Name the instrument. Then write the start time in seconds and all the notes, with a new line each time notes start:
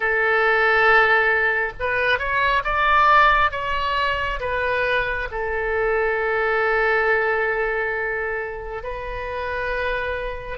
oboe
0.00 A4
1.79 B4
2.18 C#5
2.64 D5
3.51 C#5
4.40 B4
5.31 A4
8.83 B4